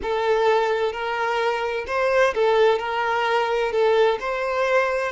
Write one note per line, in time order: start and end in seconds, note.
0.02 0.92 A4
0.92 1.85 A#4
1.87 2.33 C5
2.34 2.79 A4
2.79 3.71 A#4
3.71 4.18 A4
4.19 5.11 C5